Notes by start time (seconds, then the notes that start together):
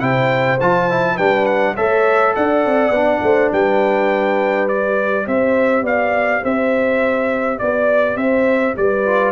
0.00 C3 E4 C5 G5
0.60 F3 F4 A5
0.90 E4
1.15 G3 D4 B4 G5
1.46 F#5
1.75 A3 A4 C#5 E5
2.35 D4 D5 F#5
2.65 C4
2.90 B3 D4
3.22 A3 C5
3.52 G3 B4 G5
4.68 G4 D5
5.26 C4 C5 E5
5.82 B3 D5 F5
6.43 C4 C5 E5
7.59 B3 D5
8.16 C4 C5 E5
8.77 G3 B4 D5
9.06 F4